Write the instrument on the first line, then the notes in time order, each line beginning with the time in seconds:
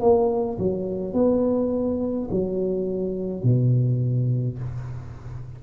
tuba
0.00 A#3
0.58 F#3
1.13 B3
2.31 F#3
3.43 B2